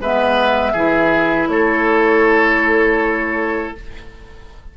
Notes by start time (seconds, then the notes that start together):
0.00 G#3 B3 B4 E5
0.73 E3 E4 G#4
1.48 A3 A4 C#5